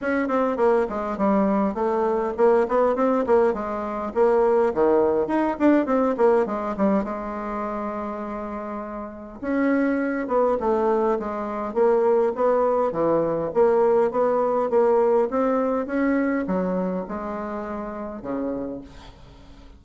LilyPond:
\new Staff \with { instrumentName = "bassoon" } { \time 4/4 \tempo 4 = 102 cis'8 c'8 ais8 gis8 g4 a4 | ais8 b8 c'8 ais8 gis4 ais4 | dis4 dis'8 d'8 c'8 ais8 gis8 g8 | gis1 |
cis'4. b8 a4 gis4 | ais4 b4 e4 ais4 | b4 ais4 c'4 cis'4 | fis4 gis2 cis4 | }